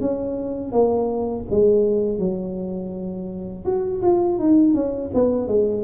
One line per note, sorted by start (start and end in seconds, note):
0.00 0.72 C#4
0.72 1.45 A#3
1.50 2.19 G#3
2.19 3.65 F#3
3.65 4.01 F#4
4.02 4.39 F4
4.39 4.74 D#4
4.74 5.11 C#4
5.14 5.47 B3
5.47 5.84 G#3